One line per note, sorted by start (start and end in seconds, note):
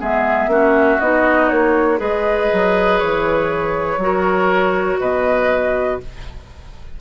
0.00 0.48 G#3
0.00 0.50 B3
0.00 0.50 G#4
0.00 1.00 E5
0.48 0.98 A#3
0.48 1.00 C#4
0.48 2.00 F#4
1.00 1.51 B3
1.00 1.97 D#4
1.00 1.49 D#5
1.49 2.01 A#3
1.49 1.99 C#5
1.97 2.51 G#3
1.97 3.98 G#4
1.97 4.00 B4
1.97 2.99 D#5
2.53 3.02 F#3
2.99 3.98 E3
2.99 4.99 C#5
3.98 4.98 F#3
3.98 6.01 F#4
3.98 5.00 A#4
5.00 6.01 B2
5.00 6.00 B4
5.00 6.01 D#5